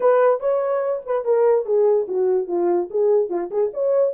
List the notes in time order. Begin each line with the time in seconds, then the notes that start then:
0.00 B4
0.39 C#5
1.06 B4
1.24 A#4
1.65 G#4
2.08 F#4
2.47 F4
2.90 G#4
3.29 F4
3.50 G#4
3.73 C#5